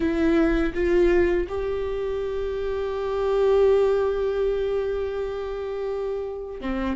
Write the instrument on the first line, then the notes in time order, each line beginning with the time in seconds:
viola
0.00 E4
0.74 F4
1.48 G4
6.61 C4